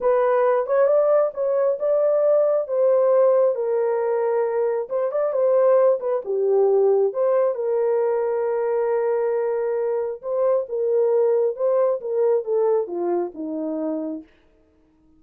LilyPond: \new Staff \with { instrumentName = "horn" } { \time 4/4 \tempo 4 = 135 b'4. cis''8 d''4 cis''4 | d''2 c''2 | ais'2. c''8 d''8 | c''4. b'8 g'2 |
c''4 ais'2.~ | ais'2. c''4 | ais'2 c''4 ais'4 | a'4 f'4 dis'2 | }